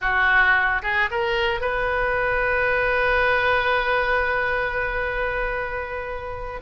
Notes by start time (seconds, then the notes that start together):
0.01 F#4
0.82 G#4
1.10 A#4
1.60 B4